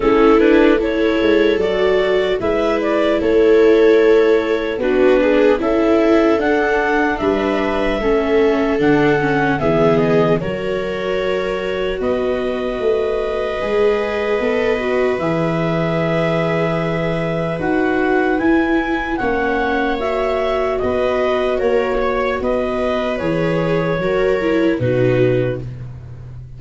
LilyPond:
<<
  \new Staff \with { instrumentName = "clarinet" } { \time 4/4 \tempo 4 = 75 a'8 b'8 cis''4 d''4 e''8 d''8 | cis''2 b'4 e''4 | fis''4 e''2 fis''4 | e''8 dis''8 cis''2 dis''4~ |
dis''2. e''4~ | e''2 fis''4 gis''4 | fis''4 e''4 dis''4 cis''4 | dis''4 cis''2 b'4 | }
  \new Staff \with { instrumentName = "viola" } { \time 4/4 e'4 a'2 b'4 | a'2 fis'8 gis'8 a'4~ | a'4 b'4 a'2 | gis'4 ais'2 b'4~ |
b'1~ | b'1 | cis''2 b'4 ais'8 cis''8 | b'2 ais'4 fis'4 | }
  \new Staff \with { instrumentName = "viola" } { \time 4/4 cis'8 d'8 e'4 fis'4 e'4~ | e'2 d'4 e'4 | d'2 cis'4 d'8 cis'8 | b4 fis'2.~ |
fis'4 gis'4 a'8 fis'8 gis'4~ | gis'2 fis'4 e'4 | cis'4 fis'2.~ | fis'4 gis'4 fis'8 e'8 dis'4 | }
  \new Staff \with { instrumentName = "tuba" } { \time 4/4 a4. gis8 fis4 gis4 | a2 b4 cis'4 | d'4 g4 a4 d4 | e4 fis2 b4 |
a4 gis4 b4 e4~ | e2 dis'4 e'4 | ais2 b4 ais4 | b4 e4 fis4 b,4 | }
>>